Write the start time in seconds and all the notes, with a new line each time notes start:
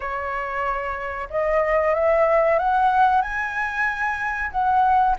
0.00 C#5
1.30 D#5
1.94 E5
2.58 F#5
3.21 G#5
4.51 F#5